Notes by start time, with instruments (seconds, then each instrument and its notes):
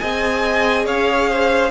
0.00 cello C4, viola G#4, violin D#5 G#5
0.86 cello C#4, violin C#5 F5
1.29 violin C5